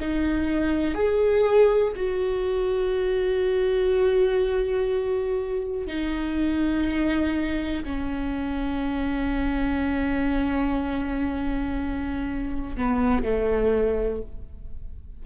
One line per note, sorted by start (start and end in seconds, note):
0.00 0.94 D#4
0.94 1.92 G#4
1.96 5.87 F#4
5.87 7.83 D#4
7.84 12.76 C#4
12.76 13.23 B3
13.23 14.21 A3